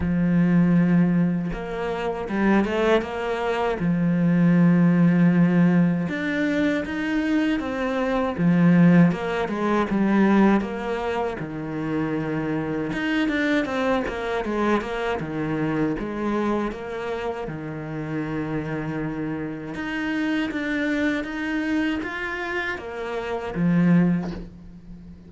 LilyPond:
\new Staff \with { instrumentName = "cello" } { \time 4/4 \tempo 4 = 79 f2 ais4 g8 a8 | ais4 f2. | d'4 dis'4 c'4 f4 | ais8 gis8 g4 ais4 dis4~ |
dis4 dis'8 d'8 c'8 ais8 gis8 ais8 | dis4 gis4 ais4 dis4~ | dis2 dis'4 d'4 | dis'4 f'4 ais4 f4 | }